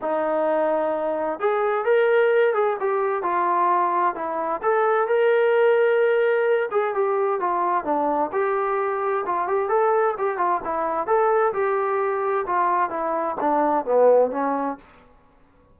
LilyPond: \new Staff \with { instrumentName = "trombone" } { \time 4/4 \tempo 4 = 130 dis'2. gis'4 | ais'4. gis'8 g'4 f'4~ | f'4 e'4 a'4 ais'4~ | ais'2~ ais'8 gis'8 g'4 |
f'4 d'4 g'2 | f'8 g'8 a'4 g'8 f'8 e'4 | a'4 g'2 f'4 | e'4 d'4 b4 cis'4 | }